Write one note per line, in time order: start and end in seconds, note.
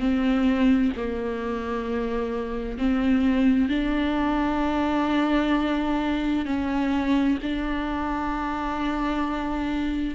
0.00 0.92 C4
0.97 2.79 A#3
2.79 3.69 C4
3.69 6.46 D4
6.46 7.38 C#4
7.43 10.15 D4